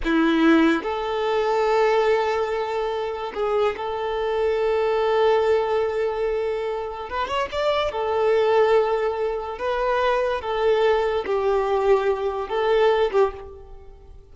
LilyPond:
\new Staff \with { instrumentName = "violin" } { \time 4/4 \tempo 4 = 144 e'2 a'2~ | a'1 | gis'4 a'2.~ | a'1~ |
a'4 b'8 cis''8 d''4 a'4~ | a'2. b'4~ | b'4 a'2 g'4~ | g'2 a'4. g'8 | }